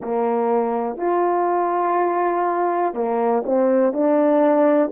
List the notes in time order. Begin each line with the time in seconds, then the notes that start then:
0.00 A#3
0.97 F4
2.94 A#3
3.45 C4
3.93 D4